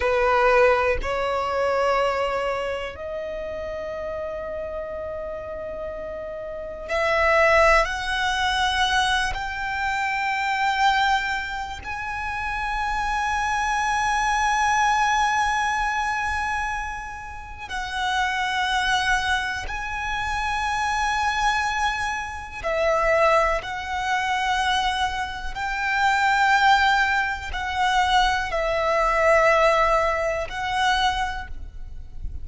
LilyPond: \new Staff \with { instrumentName = "violin" } { \time 4/4 \tempo 4 = 61 b'4 cis''2 dis''4~ | dis''2. e''4 | fis''4. g''2~ g''8 | gis''1~ |
gis''2 fis''2 | gis''2. e''4 | fis''2 g''2 | fis''4 e''2 fis''4 | }